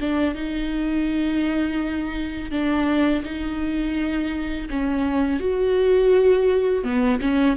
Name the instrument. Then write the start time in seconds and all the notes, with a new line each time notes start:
viola
0.00 D4
0.34 D#4
2.51 D4
3.24 D#4
4.69 C#4
5.40 F#4
6.83 B3
7.21 C#4